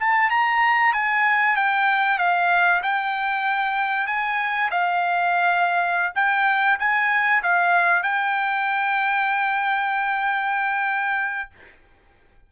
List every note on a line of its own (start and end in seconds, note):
0.00 0.30 A5
0.30 0.94 A#5
0.94 1.56 G#5
1.56 2.18 G5
2.18 2.82 F5
2.83 4.07 G5
4.07 4.70 G#5
4.71 6.13 F5
6.16 6.79 G5
6.80 7.43 G#5
7.43 8.03 F5
8.03 11.50 G5